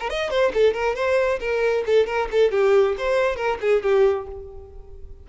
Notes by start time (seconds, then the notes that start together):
0.00 A#4
0.10 D#5
0.31 C5
0.54 A4
0.74 A#4
0.96 C5
1.40 A#4
1.86 A4
2.07 A#4
2.32 A4
2.52 G4
2.98 C5
3.36 A#4
3.61 G#4
3.83 G4